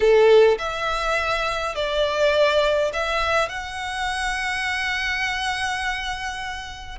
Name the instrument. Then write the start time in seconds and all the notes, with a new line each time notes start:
violin
0.00 A4
0.58 E5
1.75 D5
2.93 E5
3.48 F#5